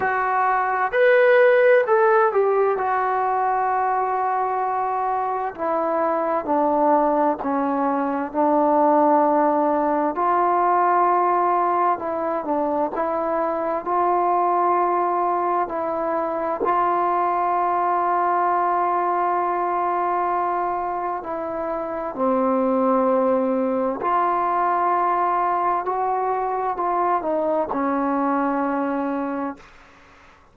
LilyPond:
\new Staff \with { instrumentName = "trombone" } { \time 4/4 \tempo 4 = 65 fis'4 b'4 a'8 g'8 fis'4~ | fis'2 e'4 d'4 | cis'4 d'2 f'4~ | f'4 e'8 d'8 e'4 f'4~ |
f'4 e'4 f'2~ | f'2. e'4 | c'2 f'2 | fis'4 f'8 dis'8 cis'2 | }